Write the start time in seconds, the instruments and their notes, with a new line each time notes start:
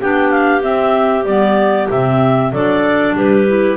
0.00 double bass B3, clarinet D4 G4 G5
0.30 clarinet F5
0.61 clarinet C4 E5, double bass C4
1.24 double bass G3, clarinet B3 D5
1.90 double bass C3, clarinet C4 E5
2.51 double bass F#3, clarinet D4 A4 D5
3.15 double bass G3, clarinet G4 B4
3.47 clarinet E4